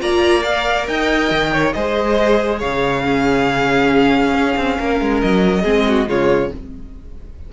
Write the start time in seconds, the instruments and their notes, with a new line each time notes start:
0.00 cello A#3, viola F4, violin D5 A#5
0.43 viola A#4, violin F5
0.88 cello D#4, violin D#5 G5
1.31 cello D#3
1.53 violin C#5
1.73 cello G#3, viola G#4, violin C5 D#5
2.59 cello C#3, violin C#5 F5
3.04 viola C#4, violin G#4
4.34 cello C#4
4.57 cello C4
4.79 cello A#3, violin A#4
5.01 cello G#3
5.21 cello F#3, violin D#5
5.62 cello G#3, viola C4, violin G#4
5.88 violin F#4
6.07 cello C#3, viola G#3, violin F4 C#5